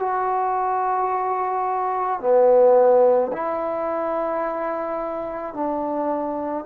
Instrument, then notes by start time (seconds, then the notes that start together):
trombone
0.00 F#4
2.20 B3
3.33 E4
5.54 D4